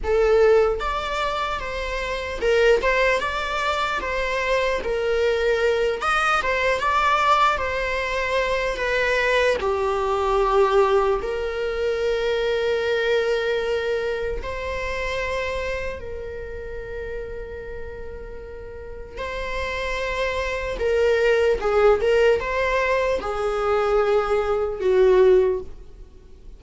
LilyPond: \new Staff \with { instrumentName = "viola" } { \time 4/4 \tempo 4 = 75 a'4 d''4 c''4 ais'8 c''8 | d''4 c''4 ais'4. dis''8 | c''8 d''4 c''4. b'4 | g'2 ais'2~ |
ais'2 c''2 | ais'1 | c''2 ais'4 gis'8 ais'8 | c''4 gis'2 fis'4 | }